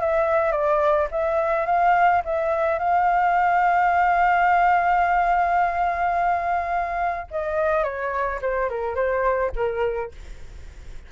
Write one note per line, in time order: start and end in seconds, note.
0.00 0.51 E5
0.51 1.08 D5
1.11 1.66 E5
1.66 2.22 F5
2.25 2.78 E5
2.78 7.27 F5
7.30 7.83 D#5
7.83 8.39 C#5
8.41 8.69 C5
8.69 8.95 A#4
8.95 9.51 C5
9.55 10.11 A#4